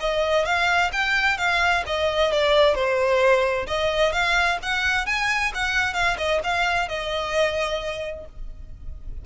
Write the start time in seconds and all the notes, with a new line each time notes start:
0.00 D#5
0.45 F5
0.92 G5
1.38 F5
1.86 D#5
2.32 D5
2.75 C5
3.67 D#5
4.12 F5
4.62 F#5
5.06 G#5
5.54 F#5
5.94 F5
6.17 D#5
6.44 F5
6.88 D#5